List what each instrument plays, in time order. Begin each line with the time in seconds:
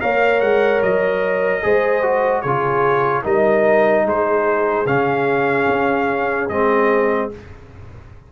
0.00 tuba A#3, trombone A#4, horn C#5, trumpet F5
0.40 tuba G#3, trumpet F#5
0.82 tuba F#3, trumpet D#5
1.62 tuba G#3, trombone G#4, horn C5
2.02 trombone F#4
2.41 tuba C#3, trombone F4, horn G#4, trumpet C#5
3.23 tuba G3, trombone D#4, horn A#4, trumpet D#5
4.05 tuba G#3, horn G#4, trumpet C5
4.85 tuba C#3, trombone C#4, trumpet F5
5.68 tuba C#4
6.48 tuba G#3, trombone C4, trumpet D#5